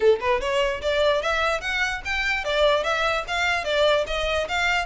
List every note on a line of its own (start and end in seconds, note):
0.00 0.19 A4
0.20 0.40 B4
0.40 0.81 C#5
0.81 1.22 D5
1.22 1.61 E5
1.61 2.01 F#5
2.04 2.44 G5
2.44 2.83 D5
2.83 3.24 E5
3.27 3.64 F5
3.64 4.04 D5
4.07 4.47 D#5
4.48 4.86 F5